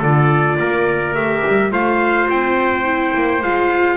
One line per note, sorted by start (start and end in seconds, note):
0.00 0.59 D3
0.00 1.15 F4
0.00 0.57 A4
0.00 1.15 D5
0.60 1.16 A#3
0.60 1.72 A#4
1.15 1.44 A3
1.15 1.71 G4
1.15 1.72 E5
1.48 1.72 G3
1.71 2.29 A3
1.71 2.85 F4
1.71 3.98 C5
1.71 2.30 F5
2.30 3.15 C4
2.30 3.43 G5
2.85 3.42 E4
3.15 3.42 A#3
3.42 3.98 G#3
3.42 3.98 F4
3.42 3.98 F5